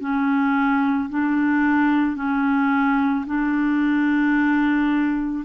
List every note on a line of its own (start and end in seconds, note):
0.00 1.09 C#4
1.10 2.16 D4
2.16 3.25 C#4
3.26 5.44 D4